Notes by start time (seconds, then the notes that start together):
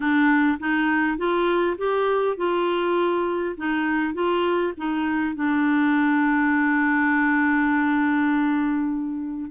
0.00 D4
0.59 D#4
1.17 F4
1.77 G4
2.36 F4
3.57 D#4
4.13 F4
4.77 D#4
5.35 D4